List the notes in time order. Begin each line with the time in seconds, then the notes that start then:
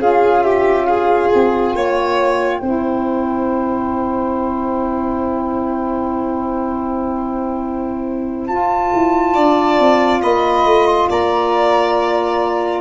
0.00 C#4 F4 G#4 F5
0.43 G4 E5
0.86 G#4 F5
1.27 G5
1.34 C4
1.74 A#3 C#5
2.60 C4 E4 C5
8.47 F4 A5
8.94 E4
9.34 D4 D5
9.80 C4
10.23 A#3 D#5 B5
10.65 A3
10.87 C6
11.09 A#3 D5 A#5